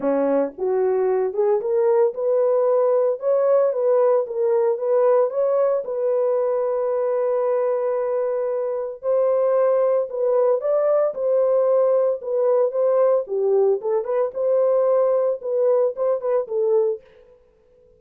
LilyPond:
\new Staff \with { instrumentName = "horn" } { \time 4/4 \tempo 4 = 113 cis'4 fis'4. gis'8 ais'4 | b'2 cis''4 b'4 | ais'4 b'4 cis''4 b'4~ | b'1~ |
b'4 c''2 b'4 | d''4 c''2 b'4 | c''4 g'4 a'8 b'8 c''4~ | c''4 b'4 c''8 b'8 a'4 | }